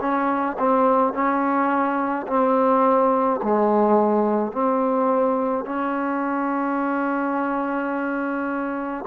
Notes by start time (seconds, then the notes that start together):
0.00 C#4
0.59 C4
1.13 C#4
2.26 C4
3.43 G#3
4.51 C4
5.64 C#4